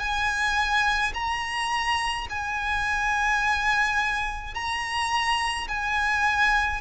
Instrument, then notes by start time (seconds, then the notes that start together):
violin
0.00 G#5
1.15 A#5
2.30 G#5
4.55 A#5
5.69 G#5